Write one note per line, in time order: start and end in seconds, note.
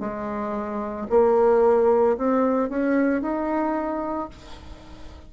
0.00 1.07 G#3
1.10 2.17 A#3
2.17 2.69 C4
2.69 3.22 C#4
3.22 4.29 D#4